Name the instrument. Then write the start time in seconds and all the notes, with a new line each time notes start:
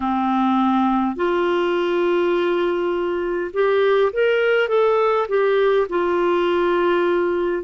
clarinet
0.00 C4
1.16 F4
3.53 G4
4.12 A#4
4.68 A4
5.28 G4
5.89 F4